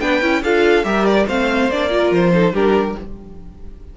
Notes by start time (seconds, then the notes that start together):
0.00 B3 D4 B4 G5
0.21 C#4 E4
0.42 D4 F4 A4 F5
0.84 G3 G4 A#4 E5
1.05 D5
1.26 A3 C4 C5 F5
1.70 A#3 D4 D5
1.90 F4 A#4
2.11 F3 C5
2.33 D#4 A4
2.52 G3 D4 G4 A#4